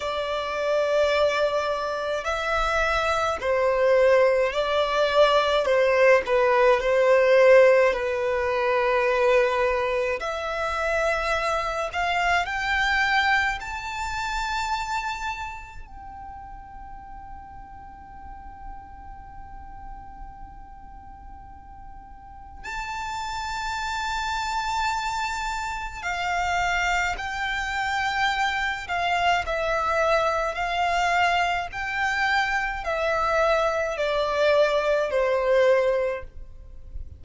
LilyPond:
\new Staff \with { instrumentName = "violin" } { \time 4/4 \tempo 4 = 53 d''2 e''4 c''4 | d''4 c''8 b'8 c''4 b'4~ | b'4 e''4. f''8 g''4 | a''2 g''2~ |
g''1 | a''2. f''4 | g''4. f''8 e''4 f''4 | g''4 e''4 d''4 c''4 | }